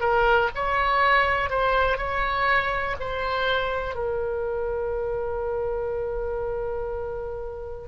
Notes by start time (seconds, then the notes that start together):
0.00 A#4
0.55 C#5
1.50 C5
1.97 C#5
3.00 C5
3.94 A#4